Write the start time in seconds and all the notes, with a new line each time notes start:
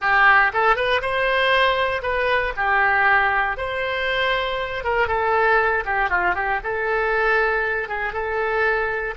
0.01 G4
0.53 A4
0.76 B4
1.01 C5
2.02 B4
2.56 G4
3.57 C5
4.84 A#4
5.07 A4
5.85 G4
6.09 F4
6.34 G4
6.63 A4
7.88 G#4
8.12 A4